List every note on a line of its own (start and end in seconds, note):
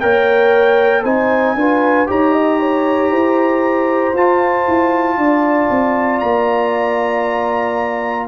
0.00 1.04 A#3
0.00 1.05 A#4
0.00 1.03 C#5
0.00 1.03 G5
1.03 1.55 C4
1.03 1.57 D#4
1.03 1.55 C5
1.03 2.08 G#5
1.55 2.07 D4
1.55 2.07 F4
1.55 2.09 B4
2.07 3.11 D#4
2.07 4.14 G4
2.07 2.33 C#5
2.07 4.16 A#5
2.33 2.59 D#5
2.59 3.11 C#5
3.11 4.14 E4
3.11 5.18 C5
4.14 4.66 F4
4.14 8.28 F4
4.14 6.20 A5
4.68 5.17 E4
5.17 5.69 D4
5.17 8.28 D5
5.70 6.22 C4
6.20 8.28 A#3
6.20 8.27 A#5